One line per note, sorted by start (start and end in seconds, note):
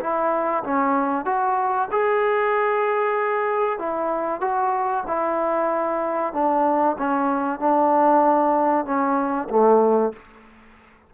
0.00 0.63 E4
0.64 1.26 C#4
1.26 1.89 F#4
1.91 3.79 G#4
3.79 4.41 E4
4.41 5.04 F#4
5.08 6.33 E4
6.33 6.96 D4
6.99 7.60 C#4
7.60 8.85 D4
8.85 9.49 C#4
9.50 10.13 A3